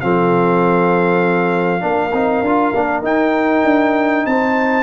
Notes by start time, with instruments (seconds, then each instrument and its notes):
0.00 tuba F3, trombone C4, horn A4, trumpet F5
1.80 tuba A#3, trombone D4
1.87 horn A#4
2.12 tuba C4, trombone D#4
2.41 tuba D4, trombone F4
2.74 tuba A#3, trombone D4
3.02 tuba D#4, trombone D#4, trumpet G5
3.64 tuba D4
4.26 tuba C4, horn C5, trumpet A5